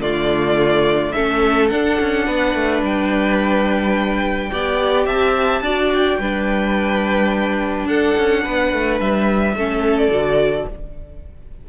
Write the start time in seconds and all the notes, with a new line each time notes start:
0.00 D3 A3 F4 D5
1.12 A3 C#4 A4 E5
1.69 D4 F#5
2.00 C#4
2.26 B3 B4
2.55 A3
2.82 G3 G5
4.50 B3 G4 D5
5.06 C4 E5 A5
5.62 D4 F#4 D5
5.94 G5
6.19 G3 D4 B4
7.85 D4 A4 F#5
8.18 C#4
8.43 B3 B4
8.73 A3
9.00 G3 E5
9.55 A3 C#4 A4
9.98 D5
10.08 D3 F#4